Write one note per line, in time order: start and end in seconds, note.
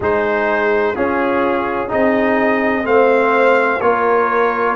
0.00 0.94 G#3
0.00 0.95 D#4
0.00 0.94 G#4
0.00 0.95 C5
0.94 1.88 C#4
0.94 1.91 C#4
0.94 1.87 F4
0.94 1.90 G#4
1.87 2.84 C4
1.87 2.83 D#4
1.87 2.82 G#4
1.87 2.86 D#5
2.84 3.79 A3
2.84 3.79 C4
2.84 3.82 C5
2.84 3.80 F5
3.80 4.76 A#3
3.80 4.76 F4
3.80 4.76 A#4
3.80 4.76 C#5